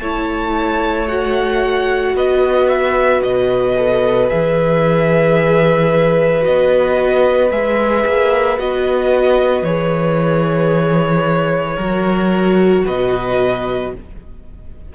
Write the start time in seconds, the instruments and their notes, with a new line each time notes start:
0.00 cello A3, viola E4, violin C#5 A5
1.08 viola F#4, violin F#5
2.15 cello B3, violin B4 D#5
2.68 violin E5
3.23 cello B2, violin D#5
3.77 viola A4
4.29 cello E3, viola G#4, violin E5
6.41 cello B3, viola F#4, violin D#5
7.51 cello G#3, viola G#4, violin E5
8.07 cello A#3
8.58 cello B3, viola F#4, violin D#5
9.62 cello E3, viola G#4, violin C#5
11.77 cello F#3, viola F#4, violin A#4
12.85 cello B2, violin B4 D#5